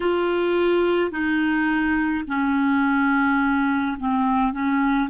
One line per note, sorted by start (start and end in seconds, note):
0.00 1.11 F4
1.11 2.24 D#4
2.27 3.97 C#4
3.99 4.53 C4
4.53 5.09 C#4